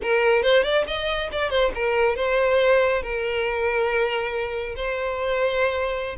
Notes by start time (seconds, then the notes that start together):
0.02 A#4
0.42 C5
0.63 D5
0.87 D#5
1.32 D5
1.50 C5
1.75 A#4
2.16 C5
3.02 A#4
4.76 C5